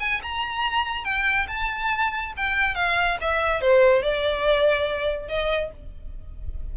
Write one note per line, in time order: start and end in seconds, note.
0.00 0.21 G#5
0.22 1.04 A#5
1.04 1.47 G5
1.48 2.33 A5
2.37 2.75 G5
2.75 3.17 F5
3.21 3.61 E5
3.61 4.03 C5
4.03 5.28 D5
5.28 5.71 D#5